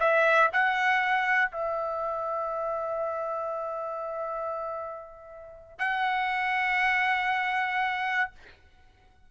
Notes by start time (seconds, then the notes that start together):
0.00 E5
0.53 F#5
1.51 E5
5.79 F#5